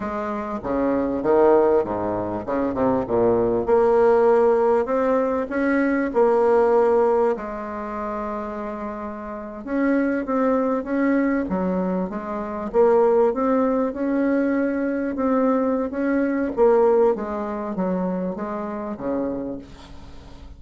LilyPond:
\new Staff \with { instrumentName = "bassoon" } { \time 4/4 \tempo 4 = 98 gis4 cis4 dis4 gis,4 | cis8 c8 ais,4 ais2 | c'4 cis'4 ais2 | gis2.~ gis8. cis'16~ |
cis'8. c'4 cis'4 fis4 gis16~ | gis8. ais4 c'4 cis'4~ cis'16~ | cis'8. c'4~ c'16 cis'4 ais4 | gis4 fis4 gis4 cis4 | }